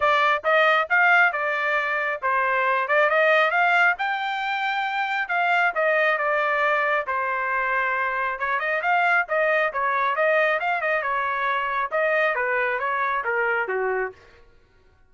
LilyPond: \new Staff \with { instrumentName = "trumpet" } { \time 4/4 \tempo 4 = 136 d''4 dis''4 f''4 d''4~ | d''4 c''4. d''8 dis''4 | f''4 g''2. | f''4 dis''4 d''2 |
c''2. cis''8 dis''8 | f''4 dis''4 cis''4 dis''4 | f''8 dis''8 cis''2 dis''4 | b'4 cis''4 ais'4 fis'4 | }